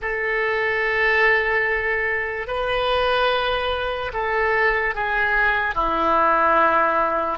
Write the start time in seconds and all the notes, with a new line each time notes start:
0.01 A4
2.47 B4
4.13 A4
4.95 G#4
5.75 E4